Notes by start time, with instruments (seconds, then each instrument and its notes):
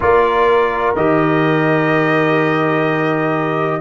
0.00 tuba A#3, trombone F4, horn A#4, trumpet D5
0.95 tuba D#3, trombone G4, trumpet D#5